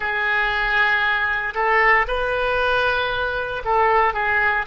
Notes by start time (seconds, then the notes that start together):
0.00 G#4
1.54 A4
2.07 B4
3.64 A4
4.13 G#4